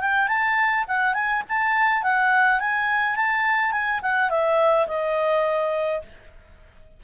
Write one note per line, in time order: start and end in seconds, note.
0.00 0.28 G5
0.28 0.85 A5
0.88 1.14 F#5
1.14 1.42 G#5
1.49 2.03 A5
2.03 2.60 F#5
2.60 3.16 G#5
3.16 3.71 A5
3.71 4.00 G#5
4.02 4.30 F#5
4.30 4.87 E5
4.87 6.02 D#5